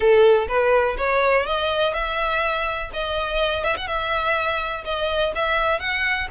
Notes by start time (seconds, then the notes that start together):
0.00 A4
0.48 B4
0.97 C#5
1.46 D#5
1.93 E5
2.93 D#5
3.63 E5
3.76 F#5
3.87 E5
4.84 D#5
5.35 E5
5.79 F#5